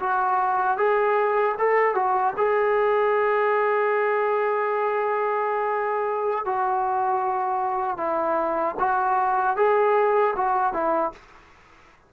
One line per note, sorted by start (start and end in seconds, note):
0.00 0.78 F#4
0.78 1.55 G#4
1.59 1.95 A4
1.95 2.34 F#4
2.37 6.45 G#4
6.45 7.98 F#4
7.98 8.76 E4
8.79 9.57 F#4
9.57 10.35 G#4
10.36 10.73 F#4
10.73 11.12 E4